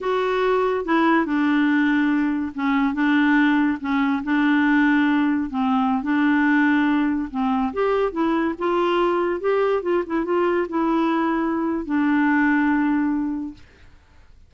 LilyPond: \new Staff \with { instrumentName = "clarinet" } { \time 4/4 \tempo 4 = 142 fis'2 e'4 d'4~ | d'2 cis'4 d'4~ | d'4 cis'4 d'2~ | d'4 c'4~ c'16 d'4.~ d'16~ |
d'4~ d'16 c'4 g'4 e'8.~ | e'16 f'2 g'4 f'8 e'16~ | e'16 f'4 e'2~ e'8. | d'1 | }